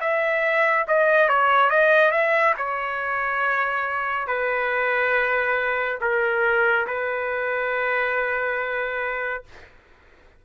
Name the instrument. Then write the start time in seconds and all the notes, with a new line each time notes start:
trumpet
0.00 E5
0.87 D#5
1.29 C#5
1.69 D#5
2.11 E5
2.57 C#5
4.27 B4
6.00 A#4
6.86 B4